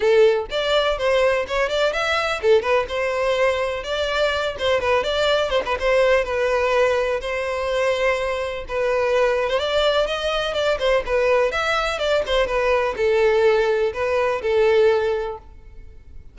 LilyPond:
\new Staff \with { instrumentName = "violin" } { \time 4/4 \tempo 4 = 125 a'4 d''4 c''4 cis''8 d''8 | e''4 a'8 b'8 c''2 | d''4. c''8 b'8 d''4 c''16 b'16 | c''4 b'2 c''4~ |
c''2 b'4.~ b'16 c''16 | d''4 dis''4 d''8 c''8 b'4 | e''4 d''8 c''8 b'4 a'4~ | a'4 b'4 a'2 | }